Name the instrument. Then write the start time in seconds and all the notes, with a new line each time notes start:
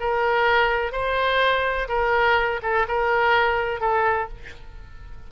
oboe
0.00 A#4
0.92 C5
1.88 A#4
2.62 A4
2.88 A#4
3.80 A4